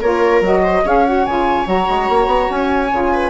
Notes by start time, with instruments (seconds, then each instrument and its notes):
0.00 bassoon A#3, saxophone F4, viola A#4, flute C#5
0.41 bassoon F#3, saxophone F#4, flute D#5
0.63 viola C5
0.84 bassoon C#4, saxophone G#4, viola C#5, flute F5
1.05 saxophone F#4, flute F#5
1.25 bassoon C#3, saxophone F4, flute G#5
1.65 bassoon F#3, saxophone F#4, flute A#5
1.88 bassoon G#3
2.09 bassoon A#3
2.27 bassoon B3
2.50 bassoon C#4, flute G#5
2.92 bassoon C#3, saxophone F4
3.12 viola B4